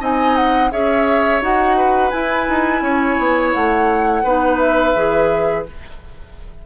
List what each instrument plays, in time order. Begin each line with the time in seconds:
0.00 bassoon C4, clarinet D#4, oboe D#5, flute G#5
0.36 flute F#5
0.71 bassoon C#4, clarinet G#4, oboe C#5, flute E5
1.41 bassoon D#4, clarinet F#4, flute F#5
1.77 oboe B4
2.11 clarinet E4, bassoon E4, flute G#5
2.49 bassoon D#4
2.81 bassoon C#4, oboe C#5
3.19 bassoon B3
3.54 bassoon A3, flute F#5
4.23 bassoon B3, clarinet D#4, oboe B4
4.59 flute E5
4.95 bassoon E3, clarinet G#4